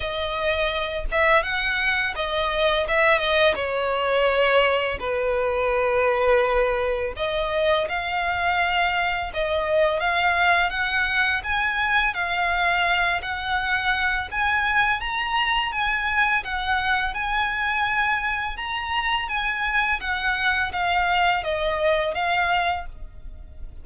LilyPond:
\new Staff \with { instrumentName = "violin" } { \time 4/4 \tempo 4 = 84 dis''4. e''8 fis''4 dis''4 | e''8 dis''8 cis''2 b'4~ | b'2 dis''4 f''4~ | f''4 dis''4 f''4 fis''4 |
gis''4 f''4. fis''4. | gis''4 ais''4 gis''4 fis''4 | gis''2 ais''4 gis''4 | fis''4 f''4 dis''4 f''4 | }